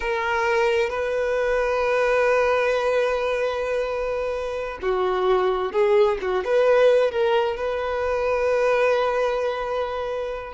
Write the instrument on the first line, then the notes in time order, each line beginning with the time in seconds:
violin
0.00 A#4
0.89 B4
4.82 F#4
5.72 G#4
6.21 F#4
6.44 B4
7.11 A#4
7.56 B4